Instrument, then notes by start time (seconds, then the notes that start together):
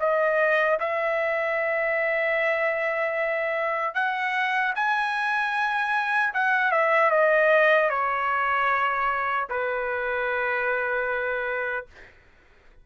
trumpet
0.00 D#5
0.80 E5
3.94 F#5
4.75 G#5
6.34 F#5
6.72 E5
7.11 D#5
7.90 C#5
9.50 B4